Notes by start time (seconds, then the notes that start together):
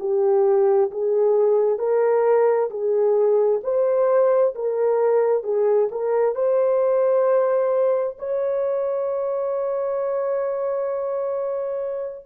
0.00 G4
0.91 G#4
1.79 A#4
2.70 G#4
3.64 C5
4.55 A#4
5.43 G#4
5.92 A#4
6.35 C5
8.19 C#5